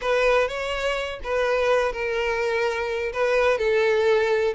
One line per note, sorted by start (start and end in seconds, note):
0.01 0.48 B4
0.48 1.20 C#5
1.23 1.92 B4
1.92 3.12 A#4
3.12 3.58 B4
3.58 4.54 A4